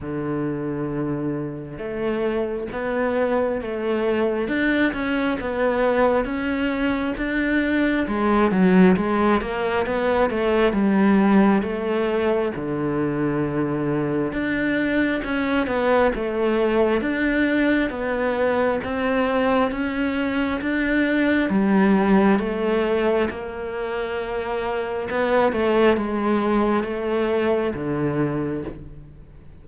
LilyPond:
\new Staff \with { instrumentName = "cello" } { \time 4/4 \tempo 4 = 67 d2 a4 b4 | a4 d'8 cis'8 b4 cis'4 | d'4 gis8 fis8 gis8 ais8 b8 a8 | g4 a4 d2 |
d'4 cis'8 b8 a4 d'4 | b4 c'4 cis'4 d'4 | g4 a4 ais2 | b8 a8 gis4 a4 d4 | }